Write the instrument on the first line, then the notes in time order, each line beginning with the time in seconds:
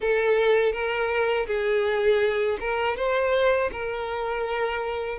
violin
0.00 A4
0.72 A#4
1.46 G#4
2.60 A#4
2.96 C5
3.71 A#4